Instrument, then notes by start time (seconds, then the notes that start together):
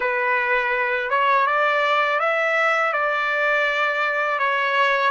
trumpet
0.00 B4
1.10 C#5
1.46 D5
2.20 E5
2.93 D5
4.39 C#5